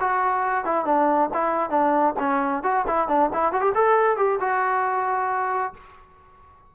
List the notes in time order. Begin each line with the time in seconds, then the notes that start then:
0.00 F#4
0.65 E4
0.85 D4
1.34 E4
1.70 D4
2.19 C#4
2.63 F#4
2.87 E4
3.08 D4
3.33 E4
3.53 F#4
3.61 G4
3.75 A4
4.17 G4
4.40 F#4